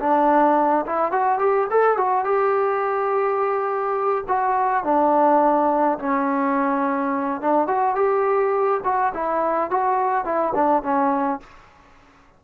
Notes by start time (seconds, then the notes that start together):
0.00 D4
0.86 E4
1.12 F#4
1.39 G4
1.71 A4
1.98 F#4
2.25 G4
4.29 F#4
4.84 D4
5.99 C#4
7.42 D4
7.68 F#4
7.96 G4
8.84 F#4
9.15 E4
9.71 F#4
10.25 E4
10.55 D4
10.83 C#4